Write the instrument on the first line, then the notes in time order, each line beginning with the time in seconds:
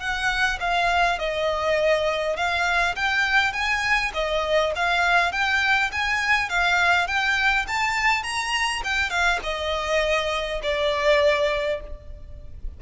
violin
0.00 F#5
0.60 F5
1.19 D#5
2.37 F5
2.96 G5
3.53 G#5
4.14 D#5
4.76 F5
5.32 G5
5.92 G#5
6.49 F5
7.07 G5
7.68 A5
8.24 A#5
8.84 G5
9.10 F5
9.44 D#5
10.63 D5